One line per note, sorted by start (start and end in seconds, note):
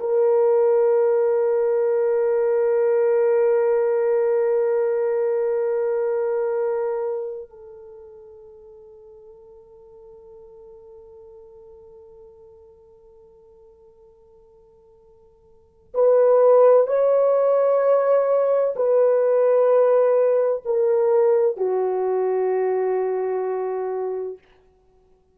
0.00 7.50 A#4
7.50 15.94 A4
15.94 16.87 B4
16.87 18.75 C#5
18.76 20.63 B4
20.65 21.57 A#4
21.57 24.38 F#4